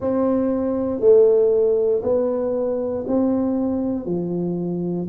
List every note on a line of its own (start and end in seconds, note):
0.00 1.00 C4
1.00 2.02 A3
2.02 3.04 B3
3.07 4.05 C4
4.05 5.07 F3